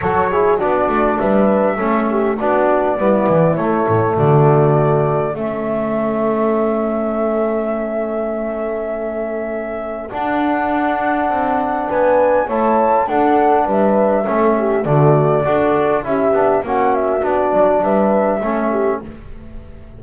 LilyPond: <<
  \new Staff \with { instrumentName = "flute" } { \time 4/4 \tempo 4 = 101 cis''4 d''4 e''2 | d''2 cis''4 d''4~ | d''4 e''2.~ | e''1~ |
e''4 fis''2. | gis''4 a''4 fis''4 e''4~ | e''4 d''2 e''4 | fis''8 e''8 d''4 e''2 | }
  \new Staff \with { instrumentName = "horn" } { \time 4/4 a'8 gis'8 fis'4 b'4 a'8 g'8 | fis'4 e'2 fis'4~ | fis'4 a'2.~ | a'1~ |
a'1 | b'4 cis''4 a'4 b'4 | a'8 g'8 fis'4 a'4 g'4 | fis'2 b'4 a'8 g'8 | }
  \new Staff \with { instrumentName = "trombone" } { \time 4/4 fis'8 e'8 d'2 cis'4 | d'4 b4 a2~ | a4 cis'2.~ | cis'1~ |
cis'4 d'2.~ | d'4 e'4 d'2 | cis'4 a4 fis'4 e'8 d'8 | cis'4 d'2 cis'4 | }
  \new Staff \with { instrumentName = "double bass" } { \time 4/4 fis4 b8 a8 g4 a4 | b4 g8 e8 a8 a,8 d4~ | d4 a2.~ | a1~ |
a4 d'2 c'4 | b4 a4 d'4 g4 | a4 d4 d'4 cis'8 b8 | ais4 b8 fis8 g4 a4 | }
>>